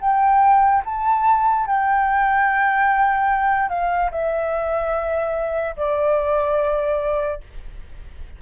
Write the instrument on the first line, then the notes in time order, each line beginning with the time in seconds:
flute
0.00 G5
0.85 A5
1.66 G5
3.69 F5
4.11 E5
5.76 D5